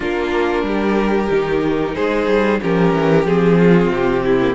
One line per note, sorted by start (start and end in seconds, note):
0.00 0.62 A#3
0.00 1.28 D4
0.00 0.65 F4
0.00 1.94 A#4
0.62 1.28 G3
0.62 1.95 G4
1.30 1.95 D#3
1.30 2.61 D#4
1.94 2.27 G#3
1.94 2.60 G#4
1.94 2.60 C5
2.27 2.59 G3
2.61 2.93 F3
2.61 3.26 C#4
2.61 3.58 G4
2.61 3.26 A#4
2.93 3.24 E3
3.24 3.88 F3
3.24 4.41 C4
3.24 3.92 G#4
3.58 4.23 F4
3.88 4.53 C3
3.88 4.55 G4
4.24 4.55 E4
4.41 4.55 A#3